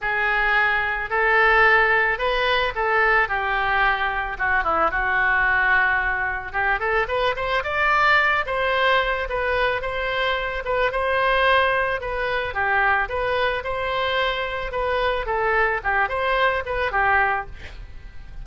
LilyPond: \new Staff \with { instrumentName = "oboe" } { \time 4/4 \tempo 4 = 110 gis'2 a'2 | b'4 a'4 g'2 | fis'8 e'8 fis'2. | g'8 a'8 b'8 c''8 d''4. c''8~ |
c''4 b'4 c''4. b'8 | c''2 b'4 g'4 | b'4 c''2 b'4 | a'4 g'8 c''4 b'8 g'4 | }